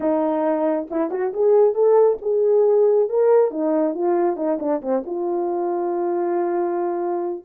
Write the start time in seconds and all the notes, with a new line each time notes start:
0.00 D#4
0.90 E4
1.10 F#4
1.33 G#4
1.74 A4
2.21 G#4
3.09 A#4
3.51 D#4
3.94 F4
4.36 D#4
4.59 D4
4.81 C4
5.06 F4